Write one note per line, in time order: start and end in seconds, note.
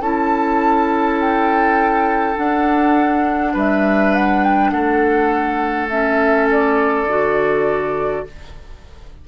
0.00 2.35 C#4
0.00 2.36 E4
0.00 3.53 A4
0.00 1.19 A5
1.20 2.37 G5
2.36 5.89 D4
2.36 3.54 D4
2.36 3.54 F#5
3.53 4.72 G3
3.53 4.71 B4
3.53 4.14 E5
4.14 4.44 F#5
4.44 4.71 G5
4.71 7.05 A3
4.71 8.25 A4
4.71 5.88 F#5
5.89 7.07 C#4
5.89 6.48 E5
6.51 8.27 D5
7.05 8.23 D3
7.05 8.26 F#4